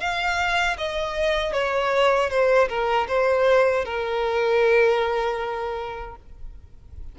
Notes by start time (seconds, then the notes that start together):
0.00 F5
0.78 D#5
1.53 C#5
2.30 C5
2.69 A#4
3.08 C5
3.85 A#4